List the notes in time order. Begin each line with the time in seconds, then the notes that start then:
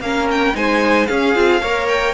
0.00 A#3 C#4 A#4 F5
0.31 G5
0.53 G#3 D#4 C5 G#5
1.06 C#4 G#4 F5
1.35 C4 F4
1.61 A#3 A#4 C#5
1.88 G5